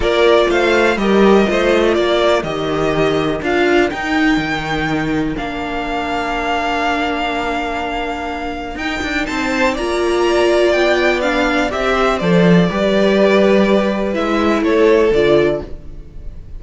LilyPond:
<<
  \new Staff \with { instrumentName = "violin" } { \time 4/4 \tempo 4 = 123 d''4 f''4 dis''2 | d''4 dis''2 f''4 | g''2. f''4~ | f''1~ |
f''2 g''4 a''4 | ais''2 g''4 f''4 | e''4 d''2.~ | d''4 e''4 cis''4 d''4 | }
  \new Staff \with { instrumentName = "violin" } { \time 4/4 ais'4 c''4 ais'4 c''4 | ais'1~ | ais'1~ | ais'1~ |
ais'2. c''4 | d''1~ | d''8 c''4. b'2~ | b'2 a'2 | }
  \new Staff \with { instrumentName = "viola" } { \time 4/4 f'2 g'4 f'4~ | f'4 g'2 f'4 | dis'2. d'4~ | d'1~ |
d'2 dis'2 | f'2. d'4 | g'4 a'4 g'2~ | g'4 e'2 f'4 | }
  \new Staff \with { instrumentName = "cello" } { \time 4/4 ais4 a4 g4 a4 | ais4 dis2 d'4 | dis'4 dis2 ais4~ | ais1~ |
ais2 dis'8 d'8 c'4 | ais2 b2 | c'4 f4 g2~ | g4 gis4 a4 d4 | }
>>